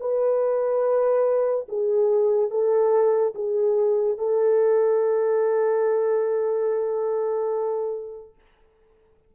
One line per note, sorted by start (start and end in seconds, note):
0.00 1.67 B4
1.69 2.50 G#4
2.50 3.33 A4
3.34 4.18 G#4
4.18 8.34 A4